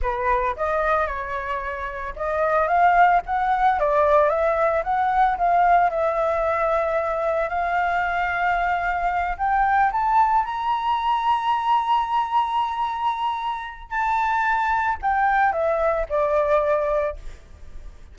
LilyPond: \new Staff \with { instrumentName = "flute" } { \time 4/4 \tempo 4 = 112 b'4 dis''4 cis''2 | dis''4 f''4 fis''4 d''4 | e''4 fis''4 f''4 e''4~ | e''2 f''2~ |
f''4. g''4 a''4 ais''8~ | ais''1~ | ais''2 a''2 | g''4 e''4 d''2 | }